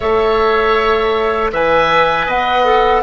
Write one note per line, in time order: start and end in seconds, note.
0.00 1.52 A3
0.00 1.53 A4
0.00 1.51 C#5
0.00 1.50 E5
1.52 2.26 E3
1.52 2.65 B4
1.52 2.26 E5
1.52 2.29 G#5
2.26 3.02 B3
2.26 3.02 D#5
2.26 3.03 F#5
2.65 3.03 A4